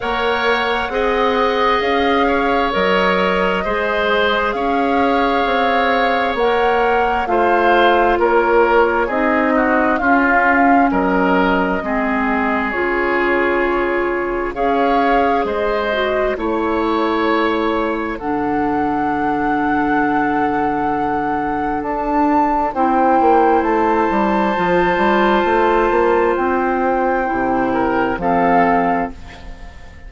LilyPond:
<<
  \new Staff \with { instrumentName = "flute" } { \time 4/4 \tempo 4 = 66 fis''2 f''4 dis''4~ | dis''4 f''2 fis''4 | f''4 cis''4 dis''4 f''4 | dis''2 cis''2 |
f''4 dis''4 cis''2 | fis''1 | a''4 g''4 a''2~ | a''4 g''2 f''4 | }
  \new Staff \with { instrumentName = "oboe" } { \time 4/4 cis''4 dis''4. cis''4. | c''4 cis''2. | c''4 ais'4 gis'8 fis'8 f'4 | ais'4 gis'2. |
cis''4 c''4 cis''2 | a'1~ | a'4 c''2.~ | c''2~ c''8 ais'8 a'4 | }
  \new Staff \with { instrumentName = "clarinet" } { \time 4/4 ais'4 gis'2 ais'4 | gis'2. ais'4 | f'2 dis'4 cis'4~ | cis'4 c'4 f'2 |
gis'4. fis'8 e'2 | d'1~ | d'4 e'2 f'4~ | f'2 e'4 c'4 | }
  \new Staff \with { instrumentName = "bassoon" } { \time 4/4 ais4 c'4 cis'4 fis4 | gis4 cis'4 c'4 ais4 | a4 ais4 c'4 cis'4 | fis4 gis4 cis2 |
cis'4 gis4 a2 | d1 | d'4 c'8 ais8 a8 g8 f8 g8 | a8 ais8 c'4 c4 f4 | }
>>